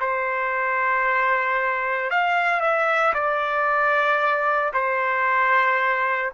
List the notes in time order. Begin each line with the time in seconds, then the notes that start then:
0.00 C5
2.10 F5
2.60 E5
3.14 D5
4.73 C5